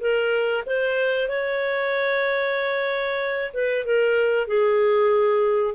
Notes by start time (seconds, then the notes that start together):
0.00 A#4
0.66 C5
1.29 C#5
3.53 B4
3.85 A#4
4.47 G#4